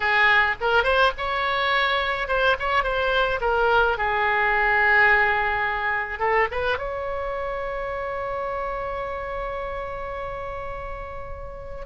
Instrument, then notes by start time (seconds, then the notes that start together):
oboe
0.00 G#4
0.60 A#4
0.83 C5
1.17 C#5
2.28 C5
2.59 C#5
2.83 C5
3.40 A#4
3.97 G#4
6.19 A4
6.51 B4
6.78 C#5